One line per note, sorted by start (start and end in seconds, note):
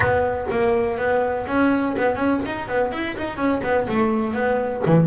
0.00 0.46 B3
0.50 0.97 A#3
0.97 1.46 B3
1.47 1.95 C#4
1.97 2.15 B3
2.15 2.40 C#4
2.45 2.68 D#4
2.68 2.92 B3
2.92 3.16 E4
3.16 3.37 D#4
3.37 3.61 C#4
3.63 3.87 B3
3.88 4.33 A3
4.33 4.81 B3
4.86 5.07 E3